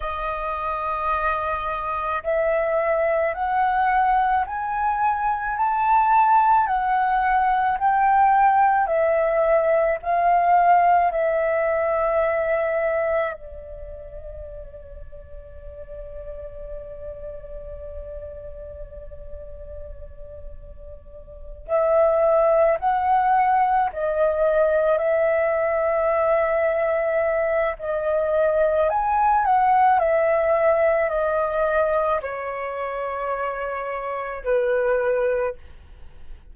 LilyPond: \new Staff \with { instrumentName = "flute" } { \time 4/4 \tempo 4 = 54 dis''2 e''4 fis''4 | gis''4 a''4 fis''4 g''4 | e''4 f''4 e''2 | d''1~ |
d''2.~ d''8 e''8~ | e''8 fis''4 dis''4 e''4.~ | e''4 dis''4 gis''8 fis''8 e''4 | dis''4 cis''2 b'4 | }